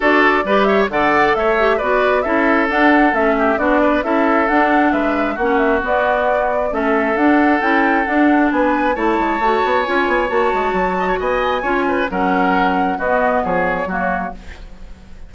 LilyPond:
<<
  \new Staff \with { instrumentName = "flute" } { \time 4/4 \tempo 4 = 134 d''4. e''8 fis''4 e''4 | d''4 e''4 fis''4 e''4 | d''4 e''4 fis''4 e''4 | fis''8 e''8 d''2 e''4 |
fis''4 g''4 fis''4 gis''4 | a''2 gis''4 a''4~ | a''4 gis''2 fis''4~ | fis''4 dis''4 cis''2 | }
  \new Staff \with { instrumentName = "oboe" } { \time 4/4 a'4 b'8 cis''8 d''4 cis''4 | b'4 a'2~ a'8 g'8 | fis'8 b'8 a'2 b'4 | fis'2. a'4~ |
a'2. b'4 | cis''1~ | cis''8 dis''16 cis''16 dis''4 cis''8 b'8 ais'4~ | ais'4 fis'4 gis'4 fis'4 | }
  \new Staff \with { instrumentName = "clarinet" } { \time 4/4 fis'4 g'4 a'4. g'8 | fis'4 e'4 d'4 cis'4 | d'4 e'4 d'2 | cis'4 b2 cis'4 |
d'4 e'4 d'2 | e'4 fis'4 f'4 fis'4~ | fis'2 f'4 cis'4~ | cis'4 b2 ais4 | }
  \new Staff \with { instrumentName = "bassoon" } { \time 4/4 d'4 g4 d4 a4 | b4 cis'4 d'4 a4 | b4 cis'4 d'4 gis4 | ais4 b2 a4 |
d'4 cis'4 d'4 b4 | a8 gis8 a8 b8 cis'8 b8 ais8 gis8 | fis4 b4 cis'4 fis4~ | fis4 b4 f4 fis4 | }
>>